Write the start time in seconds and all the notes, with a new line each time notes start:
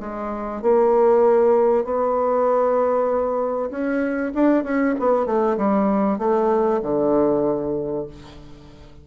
0.00 G#3
0.62 A#3
1.84 B3
3.71 C#4
4.35 D4
4.64 C#4
4.99 B3
5.26 A3
5.57 G3
6.19 A3
6.83 D3